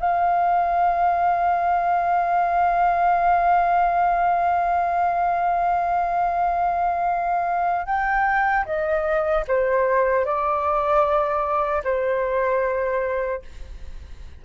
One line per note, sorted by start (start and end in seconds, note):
0.00 7.86 F5
7.86 8.65 G5
8.66 9.45 D#5
9.48 10.25 C5
10.25 11.83 D5
11.84 13.42 C5